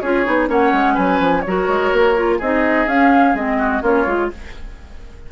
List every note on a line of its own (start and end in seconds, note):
0.00 0.26 C#4
0.00 0.24 F4
0.00 0.48 G#4
0.00 0.48 C#5
0.24 0.48 B3
0.24 0.47 D#4
0.47 0.72 A#3
0.47 1.42 C#4
0.47 0.94 C#5
0.47 0.96 F#5
0.72 0.96 G#3
0.94 1.20 F#3
0.94 1.41 B4
0.94 1.41 G#5
1.20 1.44 F3
1.41 1.67 F#3
1.41 2.15 F#4
1.41 2.36 C#5
1.47 2.38 A#4
1.67 1.91 G#3
1.92 2.39 A#3
2.15 2.39 F4
2.38 2.86 C4
2.38 2.87 D#4
2.38 3.57 G#4
2.38 2.87 D#5
2.86 3.34 C#4
2.86 3.35 C#4
2.86 3.35 F5
3.34 3.81 G#3
3.34 3.82 C4
3.34 3.83 D#5
3.58 3.81 F#4
3.81 4.05 A#3
3.81 4.06 C#4
3.81 4.29 F4
3.81 4.31 C#5
4.06 4.29 G#3
4.06 4.31 F4